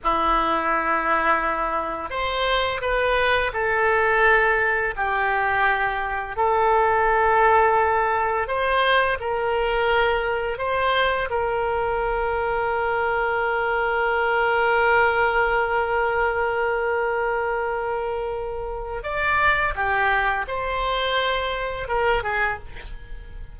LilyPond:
\new Staff \with { instrumentName = "oboe" } { \time 4/4 \tempo 4 = 85 e'2. c''4 | b'4 a'2 g'4~ | g'4 a'2. | c''4 ais'2 c''4 |
ais'1~ | ais'1~ | ais'2. d''4 | g'4 c''2 ais'8 gis'8 | }